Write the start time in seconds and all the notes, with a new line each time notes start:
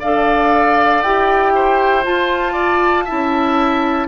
0.00 D4 A4 D5 F5
1.02 E4 G4 G5
1.55 C5
2.04 F4 A5
2.53 D5
3.05 C#4 E4 E5